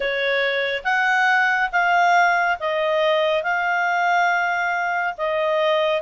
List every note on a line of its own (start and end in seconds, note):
0.00 0.83 C#5
0.84 1.69 F#5
1.72 2.58 F5
2.59 3.43 D#5
3.43 5.14 F5
5.17 6.01 D#5